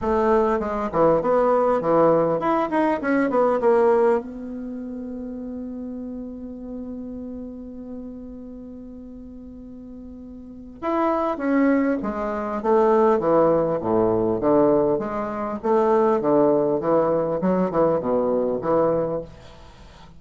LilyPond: \new Staff \with { instrumentName = "bassoon" } { \time 4/4 \tempo 4 = 100 a4 gis8 e8 b4 e4 | e'8 dis'8 cis'8 b8 ais4 b4~ | b1~ | b1~ |
b2 e'4 cis'4 | gis4 a4 e4 a,4 | d4 gis4 a4 d4 | e4 fis8 e8 b,4 e4 | }